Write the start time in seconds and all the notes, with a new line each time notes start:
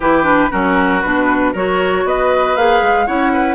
0.00 E3 E4 G4 B4
0.23 D4
0.50 F#3 C#4 F#4 A#4
1.01 B2 D4 B4
1.52 F#3 F#4 A#4 C#5
2.04 B3 B4 D#5
2.56 A#3 G#4 F5
2.81 G#3
3.06 C#4 E4 C#5 F#5
3.33 B4